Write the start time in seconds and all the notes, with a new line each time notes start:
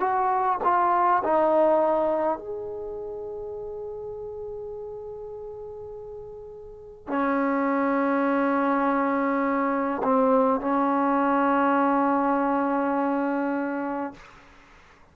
0.00 F#4
0.64 F4
1.24 D#4
2.39 G#4
7.08 C#4
10.04 C4
10.61 C#4